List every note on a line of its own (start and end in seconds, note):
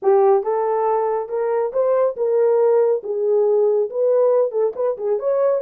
0.02 0.43 G4
0.43 1.29 A4
1.29 1.72 A#4
1.72 2.16 C5
2.16 3.02 A#4
3.03 3.89 G#4
3.90 4.51 B4
4.51 4.73 A4
4.75 4.97 B4
4.97 5.19 G#4
5.19 5.61 C#5